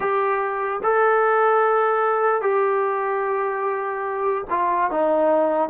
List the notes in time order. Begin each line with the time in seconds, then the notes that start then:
0.00 G4
0.83 A4
2.41 G4
4.50 F4
4.91 D#4